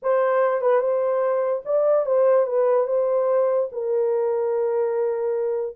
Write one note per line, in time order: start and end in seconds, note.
0.02 0.61 C5
0.61 0.80 B4
0.80 1.62 C5
1.65 2.05 D5
2.05 2.46 C5
2.46 2.87 B4
2.87 3.69 C5
3.72 5.76 A#4